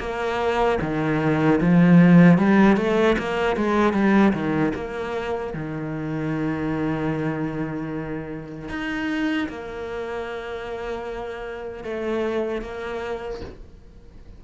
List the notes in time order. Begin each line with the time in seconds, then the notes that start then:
0.00 A#3
0.82 D#3
1.61 F3
2.39 G3
2.77 A3
3.19 A#3
3.57 G#3
3.94 G3
4.34 D#3
4.75 A#3
5.54 D#3
8.69 D#4
9.50 A#3
11.85 A3
12.62 A#3